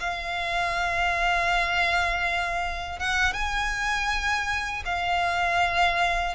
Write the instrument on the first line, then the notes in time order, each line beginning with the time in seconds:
violin
0.00 F5
2.99 F#5
3.33 G#5
4.85 F5